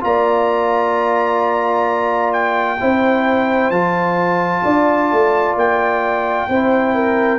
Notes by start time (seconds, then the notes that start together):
0.00 A#3 F4 D5 A#5
2.33 G5
2.80 C4 E4 C5
3.70 F3 F4 A5
4.64 D4 D5
5.12 A3
5.54 A#3 G5
6.48 C4 E4 C5
6.95 A#4